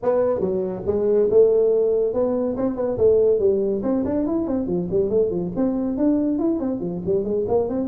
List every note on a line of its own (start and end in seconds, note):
0.03 0.39 B3
0.39 0.82 F#3
0.86 1.29 G#3
1.30 2.13 A3
2.13 2.56 B3
2.56 2.76 C4
2.76 2.97 B3
2.97 3.39 A3
3.39 3.81 G3
3.82 4.03 C4
4.05 4.26 D4
4.26 4.47 E4
4.47 4.66 C4
4.66 4.87 F3
4.90 5.09 G3
5.09 5.30 A3
5.30 5.51 F3
5.56 5.97 C4
5.97 6.38 D4
6.38 6.59 E4
6.59 6.80 C4
6.80 7.01 F3
7.05 7.24 G3
7.24 7.45 G#3
7.48 7.68 A#3
7.68 7.87 C4